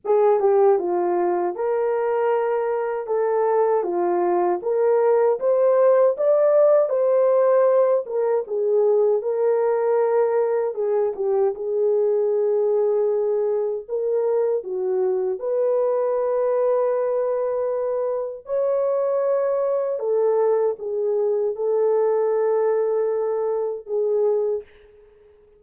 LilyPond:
\new Staff \with { instrumentName = "horn" } { \time 4/4 \tempo 4 = 78 gis'8 g'8 f'4 ais'2 | a'4 f'4 ais'4 c''4 | d''4 c''4. ais'8 gis'4 | ais'2 gis'8 g'8 gis'4~ |
gis'2 ais'4 fis'4 | b'1 | cis''2 a'4 gis'4 | a'2. gis'4 | }